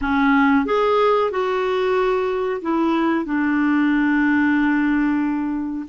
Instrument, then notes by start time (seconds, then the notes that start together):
clarinet
0.01 C#4
0.65 G#4
1.30 F#4
2.61 E4
3.25 D4